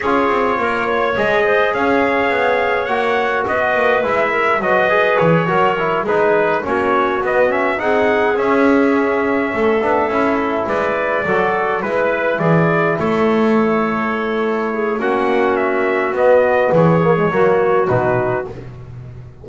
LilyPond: <<
  \new Staff \with { instrumentName = "trumpet" } { \time 4/4 \tempo 4 = 104 cis''2 dis''4 f''4~ | f''4 fis''4 dis''4 e''4 | dis''4 cis''4. b'4 cis''8~ | cis''8 dis''8 e''8 fis''4 e''4.~ |
e''2~ e''8 d''4.~ | d''8 b'4 d''4 cis''4.~ | cis''2 fis''4 e''4 | dis''4 cis''2 b'4 | }
  \new Staff \with { instrumentName = "clarinet" } { \time 4/4 gis'4 ais'8 cis''4 c''8 cis''4~ | cis''2 b'4. ais'8 | b'4. ais'4 gis'4 fis'8~ | fis'4. gis'2~ gis'8~ |
gis'8 a'2 b'4 a'8~ | a'8 b'4 gis'4 a'4.~ | a'4. gis'8 fis'2~ | fis'4 gis'4 fis'2 | }
  \new Staff \with { instrumentName = "trombone" } { \time 4/4 f'2 gis'2~ | gis'4 fis'2 e'4 | fis'8 gis'4 fis'8 e'8 dis'4 cis'8~ | cis'8 b8 cis'8 dis'4 cis'4.~ |
cis'4 d'8 e'2 fis'8~ | fis'8 e'2.~ e'8~ | e'2 cis'2 | b4. ais16 gis16 ais4 dis'4 | }
  \new Staff \with { instrumentName = "double bass" } { \time 4/4 cis'8 c'8 ais4 gis4 cis'4 | b4 ais4 b8 ais8 gis4 | fis4 e8 fis4 gis4 ais8~ | ais8 b4 c'4 cis'4.~ |
cis'8 a8 b8 cis'4 gis4 fis8~ | fis8 gis4 e4 a4.~ | a2 ais2 | b4 e4 fis4 b,4 | }
>>